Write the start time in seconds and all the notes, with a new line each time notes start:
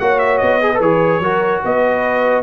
0.00 A#3 F#4 C#5 F#5
0.19 E5
0.39 B3 D#5
0.62 G#4 B4
0.75 E3 A4
0.82 G#4 C#5
1.20 F#3 F#4 A#4
1.65 B3 B4 D#5